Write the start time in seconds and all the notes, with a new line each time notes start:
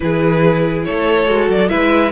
0.00 E3 E4 G#4 B4
0.84 A3 A4 C#5
1.27 G#3 F#4
1.49 F#3 D5
1.69 G#3 E4 B4 E5